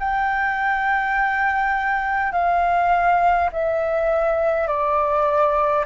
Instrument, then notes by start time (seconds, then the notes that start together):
flute
0.00 G5
2.33 F5
3.52 E5
4.68 D5